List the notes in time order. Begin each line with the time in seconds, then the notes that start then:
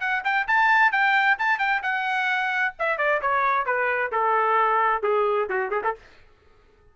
0.00 F#5
0.24 G5
0.47 A5
0.92 G5
1.38 A5
1.59 G5
1.82 F#5
2.79 E5
2.98 D5
3.21 C#5
3.66 B4
4.12 A4
5.03 G#4
5.49 F#4
5.71 G#4
5.84 A4